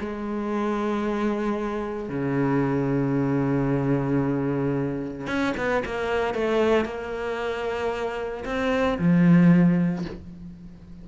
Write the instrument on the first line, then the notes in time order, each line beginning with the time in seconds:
cello
0.00 G#3
2.09 C#3
5.27 C#4
5.57 B3
5.85 A#3
6.34 A3
6.85 A#3
8.45 C4
8.99 F3